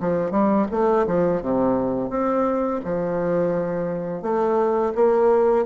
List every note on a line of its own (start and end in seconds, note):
0.00 0.31 F3
0.31 0.66 G3
0.71 1.06 A3
1.07 1.41 F3
1.41 2.10 C3
2.10 2.80 C4
2.85 4.22 F3
4.22 4.93 A3
4.95 5.65 A#3